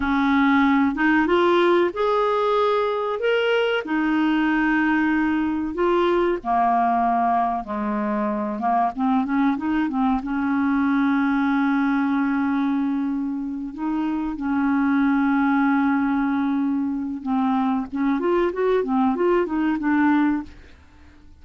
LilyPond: \new Staff \with { instrumentName = "clarinet" } { \time 4/4 \tempo 4 = 94 cis'4. dis'8 f'4 gis'4~ | gis'4 ais'4 dis'2~ | dis'4 f'4 ais2 | gis4. ais8 c'8 cis'8 dis'8 c'8 |
cis'1~ | cis'4. dis'4 cis'4.~ | cis'2. c'4 | cis'8 f'8 fis'8 c'8 f'8 dis'8 d'4 | }